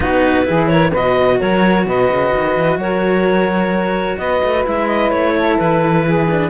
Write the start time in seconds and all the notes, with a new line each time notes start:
0.00 B3 D#4 F#4 B4
0.44 E3 E4 G#4
0.67 A#4 C#5
0.90 B2 F#4 B4 D#5
1.39 F#3 A#4 C#5
1.86 B2 B4 D#5
2.09 C#3
2.34 D#3
2.57 E3
2.76 F#3 A#4 C#5
4.17 B3 B4 D#5
4.43 A3
4.64 G#3 E4 E5
4.87 D#5
5.10 A3 C#5
5.37 A4
5.58 E3 B4
6.05 G#4
6.30 D4